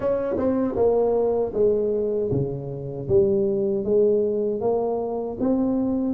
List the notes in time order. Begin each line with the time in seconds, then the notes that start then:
0.00 C#4
0.37 C4
0.76 A#3
1.53 G#3
2.31 C#3
3.08 G3
3.84 G#3
4.60 A#3
5.40 C4